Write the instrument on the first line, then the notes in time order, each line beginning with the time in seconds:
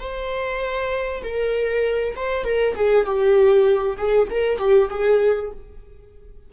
viola
0.00 C5
1.23 A#4
2.16 C5
2.44 A#4
2.76 G#4
3.06 G4
3.97 G#4
4.31 A#4
4.59 G4
4.90 G#4